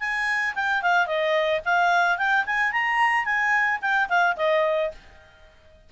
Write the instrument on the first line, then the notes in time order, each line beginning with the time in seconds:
clarinet
0.00 G#5
0.56 G5
0.83 F5
1.07 D#5
1.65 F5
2.18 G5
2.46 G#5
2.72 A#5
3.25 G#5
3.82 G5
4.09 F5
4.37 D#5